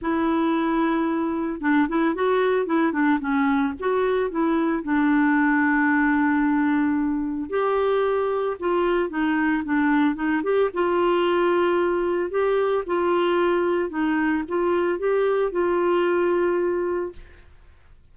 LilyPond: \new Staff \with { instrumentName = "clarinet" } { \time 4/4 \tempo 4 = 112 e'2. d'8 e'8 | fis'4 e'8 d'8 cis'4 fis'4 | e'4 d'2.~ | d'2 g'2 |
f'4 dis'4 d'4 dis'8 g'8 | f'2. g'4 | f'2 dis'4 f'4 | g'4 f'2. | }